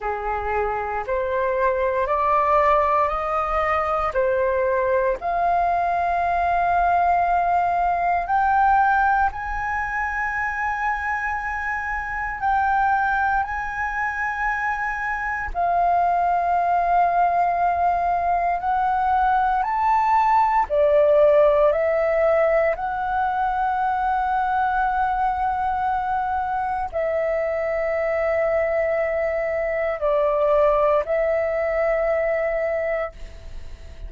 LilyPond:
\new Staff \with { instrumentName = "flute" } { \time 4/4 \tempo 4 = 58 gis'4 c''4 d''4 dis''4 | c''4 f''2. | g''4 gis''2. | g''4 gis''2 f''4~ |
f''2 fis''4 a''4 | d''4 e''4 fis''2~ | fis''2 e''2~ | e''4 d''4 e''2 | }